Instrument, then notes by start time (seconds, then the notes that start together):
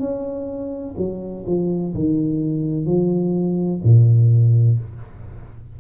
tuba
0.00 C#4
0.97 F#3
1.47 F3
1.95 D#3
2.86 F3
3.84 A#2